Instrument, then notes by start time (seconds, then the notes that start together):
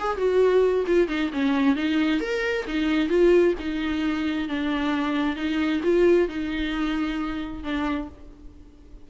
viola
0.00 G#4
0.18 F#4
0.87 F4
1.09 D#4
1.33 C#4
1.76 D#4
2.21 A#4
2.68 D#4
3.09 F4
3.60 D#4
4.49 D4
5.36 D#4
5.84 F4
6.29 D#4
7.64 D4